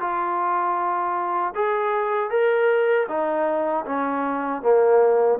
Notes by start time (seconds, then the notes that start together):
0.00 F4
1.55 G#4
2.30 A#4
3.08 D#4
3.86 C#4
4.62 A#3